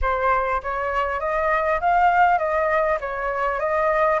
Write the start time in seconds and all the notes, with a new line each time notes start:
0.01 C5
0.62 C#5
1.19 D#5
1.80 F5
2.38 D#5
3.00 C#5
3.59 D#5